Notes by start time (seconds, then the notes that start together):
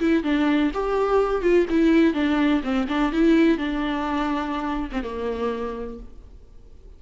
0.00 E4
0.24 D4
0.74 G4
1.42 F4
1.70 E4
2.14 D4
2.64 C4
2.88 D4
3.12 E4
3.58 D4
4.92 C4
5.03 A#3